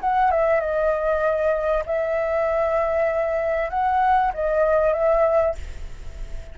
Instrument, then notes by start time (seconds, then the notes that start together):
flute
0.00 F#5
0.31 E5
0.60 D#5
1.85 E5
3.69 F#5
4.34 D#5
4.93 E5